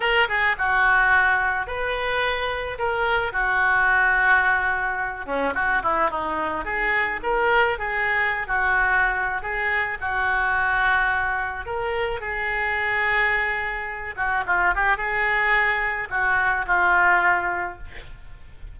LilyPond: \new Staff \with { instrumentName = "oboe" } { \time 4/4 \tempo 4 = 108 ais'8 gis'8 fis'2 b'4~ | b'4 ais'4 fis'2~ | fis'4. cis'8 fis'8 e'8 dis'4 | gis'4 ais'4 gis'4~ gis'16 fis'8.~ |
fis'4 gis'4 fis'2~ | fis'4 ais'4 gis'2~ | gis'4. fis'8 f'8 g'8 gis'4~ | gis'4 fis'4 f'2 | }